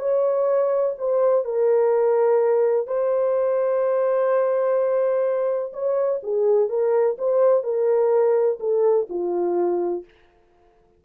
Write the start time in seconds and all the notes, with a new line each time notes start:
0.00 C#5
0.98 C5
1.45 A#4
2.87 C5
5.73 C#5
6.23 G#4
6.69 A#4
7.18 C5
7.63 A#4
8.60 A4
9.10 F4